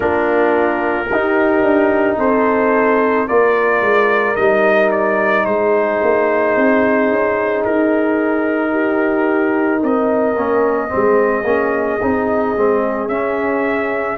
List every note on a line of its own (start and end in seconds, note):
0.00 1.09 A#3
0.00 1.05 D4
0.00 1.08 F4
0.00 2.17 A#4
1.10 1.62 D#4
1.10 3.28 D#4
1.10 2.18 G4
1.62 2.16 D4
2.18 3.27 C4
2.18 3.26 A4
2.18 3.27 C5
3.26 3.81 A#3
3.26 4.35 F4
3.26 5.45 A#4
3.26 4.35 D5
3.81 4.35 G#3
4.35 5.45 G3
4.35 10.35 D#4
4.35 4.90 D#5
4.91 5.45 D5
5.45 6.00 G#3
5.45 8.71 G#4
5.45 7.63 C5
6.02 6.56 A#3
6.56 7.10 C4
7.10 7.65 C#4
7.64 9.83 D#4
7.64 9.82 A#4
8.71 9.79 G4
9.79 10.36 C4
9.79 10.88 A#4
9.79 13.08 D#5
10.36 10.90 A#3
10.36 10.88 C#4
10.88 11.42 C4
10.88 14.18 G#4
10.95 11.43 G#3
11.43 11.98 A#3
11.43 12.00 C#4
12.01 12.56 C4
12.01 12.56 D#4
12.56 13.08 G#3
12.56 13.09 C4
13.08 14.17 C#4
13.08 14.18 C#4
13.08 14.17 E5